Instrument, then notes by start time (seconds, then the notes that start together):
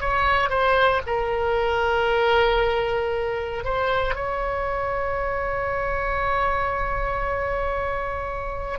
oboe
0.00 C#5
0.50 C5
1.07 A#4
3.64 C5
4.15 C#5